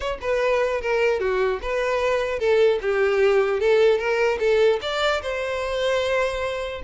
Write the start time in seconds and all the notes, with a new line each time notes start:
0.00 C#5
0.21 B4
0.81 A#4
1.20 F#4
1.61 B4
2.39 A4
2.81 G4
3.59 A4
3.98 A#4
4.39 A4
4.81 D5
5.22 C5